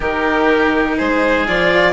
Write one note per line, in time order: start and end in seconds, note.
0.00 0.97 D#3
0.00 1.46 D#4
0.00 0.96 G4
0.00 0.97 A#4
0.96 1.48 G#3
0.96 1.92 G#4
0.96 1.46 C5
1.47 1.92 F3
1.47 1.92 F4
1.47 1.92 D5